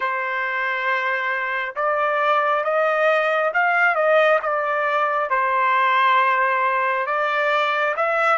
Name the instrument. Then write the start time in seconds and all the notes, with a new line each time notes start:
trumpet
0.00 C5
1.75 D5
2.64 D#5
3.53 F5
3.95 D#5
4.42 D5
5.29 C5
7.06 D5
7.96 E5